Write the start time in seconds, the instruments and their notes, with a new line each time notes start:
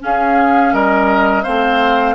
0.00 clarinet C#4, bassoon C#4, oboe G#4, flute F5
0.73 bassoon G3, oboe A#4, flute D#5
1.43 bassoon A3, clarinet C4, oboe C5, flute F5